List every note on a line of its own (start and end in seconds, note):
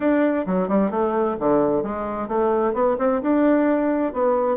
0.00 0.45 D4
0.46 0.68 F#3
0.68 0.90 G3
0.90 1.36 A3
1.39 1.82 D3
1.82 2.28 G#3
2.28 2.73 A3
2.73 2.96 B3
2.98 3.21 C4
3.22 4.13 D4
4.13 4.57 B3